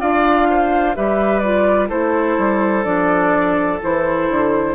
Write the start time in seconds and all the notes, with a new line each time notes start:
0.00 D4 F4 D5 F5
0.49 C5
0.94 G3 G4 B4 E5
1.39 F4 D5
1.88 A3 E4 A4 C5
2.37 G3
2.83 F3 D4 D5
3.81 E3 E4 C5
4.29 D3